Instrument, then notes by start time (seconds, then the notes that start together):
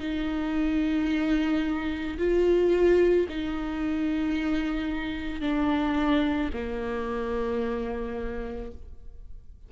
viola
0.00 D#4
2.18 F4
3.29 D#4
5.41 D4
6.54 A#3